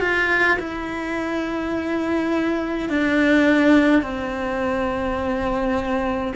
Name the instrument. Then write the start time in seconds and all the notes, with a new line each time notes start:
cello
0.00 F4
0.59 E4
2.89 D4
4.02 C4